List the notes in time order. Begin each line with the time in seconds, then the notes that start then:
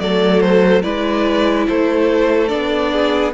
0.00 F#3 A3 A4 D5
0.41 C5
0.83 G#3 E4 B4 D5
1.68 A3 A4 C5
2.49 B3 D4 D5
2.92 G#4